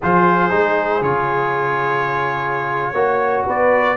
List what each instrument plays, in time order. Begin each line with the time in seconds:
0.01 tuba F3, trombone F4, horn G#4, trumpet C5
0.50 tuba G#3, trombone D#4
1.01 tuba C#3, trombone F4, trumpet C#5
2.92 tuba A#3, trombone F#4, horn C#5
3.46 tuba B3, horn B4, trumpet D5